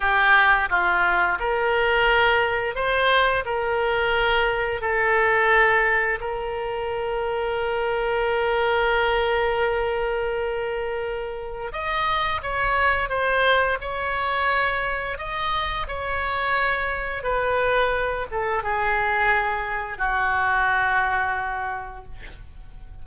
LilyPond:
\new Staff \with { instrumentName = "oboe" } { \time 4/4 \tempo 4 = 87 g'4 f'4 ais'2 | c''4 ais'2 a'4~ | a'4 ais'2.~ | ais'1~ |
ais'4 dis''4 cis''4 c''4 | cis''2 dis''4 cis''4~ | cis''4 b'4. a'8 gis'4~ | gis'4 fis'2. | }